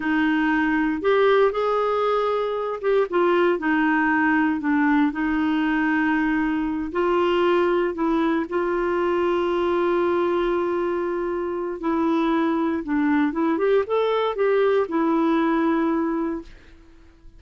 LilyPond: \new Staff \with { instrumentName = "clarinet" } { \time 4/4 \tempo 4 = 117 dis'2 g'4 gis'4~ | gis'4. g'8 f'4 dis'4~ | dis'4 d'4 dis'2~ | dis'4. f'2 e'8~ |
e'8 f'2.~ f'8~ | f'2. e'4~ | e'4 d'4 e'8 g'8 a'4 | g'4 e'2. | }